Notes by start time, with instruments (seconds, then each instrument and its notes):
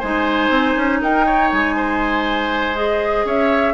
0.00 bassoon G#3, clarinet D#4, oboe C5, flute G#5
0.50 bassoon C4
0.77 bassoon C#4
1.02 bassoon D#4, oboe A#4, flute G5
1.26 oboe C#5
1.52 bassoon G#3, flute G#5
1.77 oboe C5
2.75 clarinet G#4, flute D#5
3.25 bassoon C#4, oboe C#5, flute E5